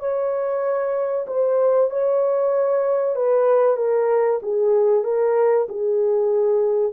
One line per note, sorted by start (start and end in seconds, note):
0.00 1.26 C#5
1.27 1.90 C5
1.90 3.16 C#5
3.16 3.77 B4
3.77 4.40 A#4
4.43 5.04 G#4
5.04 5.68 A#4
5.69 6.93 G#4